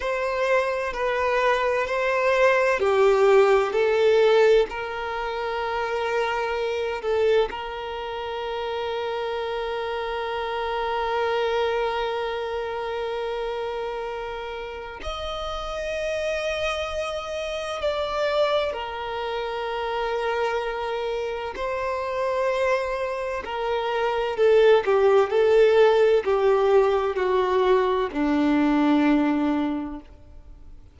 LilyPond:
\new Staff \with { instrumentName = "violin" } { \time 4/4 \tempo 4 = 64 c''4 b'4 c''4 g'4 | a'4 ais'2~ ais'8 a'8 | ais'1~ | ais'1 |
dis''2. d''4 | ais'2. c''4~ | c''4 ais'4 a'8 g'8 a'4 | g'4 fis'4 d'2 | }